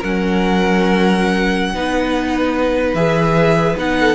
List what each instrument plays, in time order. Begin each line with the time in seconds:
0.00 cello F#3, viola C#4, violin A#4 F#5
1.74 cello B3, viola D#4, violin B4
2.95 cello E3, viola G#4, violin E5
3.77 cello B3, viola D#4, violin F#5
4.00 violin A4